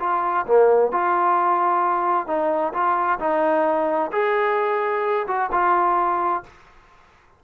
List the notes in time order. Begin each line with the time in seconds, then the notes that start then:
0.00 F4
0.47 A#3
0.92 F4
2.27 D#4
2.73 F4
3.20 D#4
4.12 G#4
5.28 F#4
5.52 F4